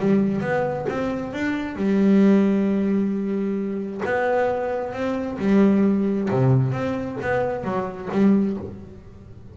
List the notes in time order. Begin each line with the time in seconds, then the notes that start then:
0.00 G3
0.42 B3
0.89 C4
1.33 D4
1.77 G3
4.05 B3
4.93 C4
5.39 G3
6.31 C3
6.73 C4
7.22 B3
7.64 F#3
8.12 G3